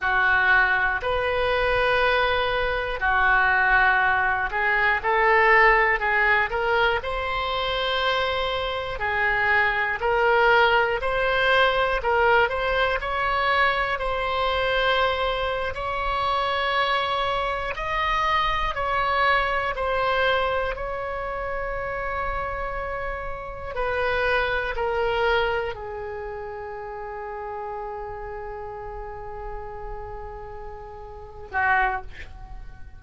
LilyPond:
\new Staff \with { instrumentName = "oboe" } { \time 4/4 \tempo 4 = 60 fis'4 b'2 fis'4~ | fis'8 gis'8 a'4 gis'8 ais'8 c''4~ | c''4 gis'4 ais'4 c''4 | ais'8 c''8 cis''4 c''4.~ c''16 cis''16~ |
cis''4.~ cis''16 dis''4 cis''4 c''16~ | c''8. cis''2. b'16~ | b'8. ais'4 gis'2~ gis'16~ | gis'2.~ gis'8 fis'8 | }